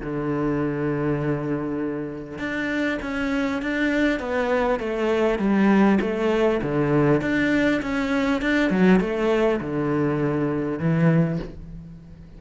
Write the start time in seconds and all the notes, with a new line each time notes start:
0.00 D3
2.38 D4
3.02 C#4
3.62 D4
4.19 B3
4.79 A3
5.38 G3
6.00 A3
6.62 D3
7.21 D4
7.82 C#4
8.41 D4
8.70 F#3
8.99 A3
9.60 D3
10.79 E3